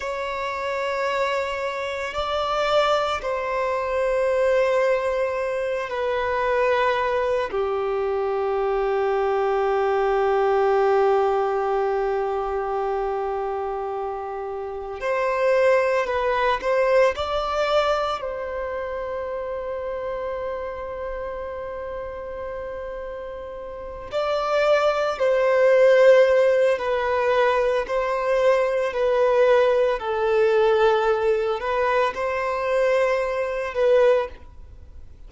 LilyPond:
\new Staff \with { instrumentName = "violin" } { \time 4/4 \tempo 4 = 56 cis''2 d''4 c''4~ | c''4. b'4. g'4~ | g'1~ | g'2 c''4 b'8 c''8 |
d''4 c''2.~ | c''2~ c''8 d''4 c''8~ | c''4 b'4 c''4 b'4 | a'4. b'8 c''4. b'8 | }